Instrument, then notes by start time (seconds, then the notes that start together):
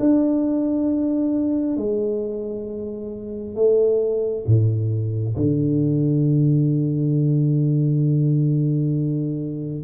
tuba
0.00 D4
1.77 G#3
3.56 A3
4.47 A2
5.36 D3